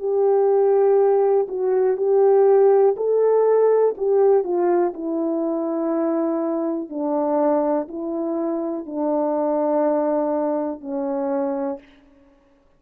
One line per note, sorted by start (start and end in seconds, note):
0.00 1.48 G4
1.48 1.98 F#4
1.98 2.96 G4
2.97 3.95 A4
3.98 4.44 G4
4.44 4.93 F4
4.94 6.89 E4
6.89 7.88 D4
7.88 8.86 E4
8.86 10.81 D4
10.81 11.79 C#4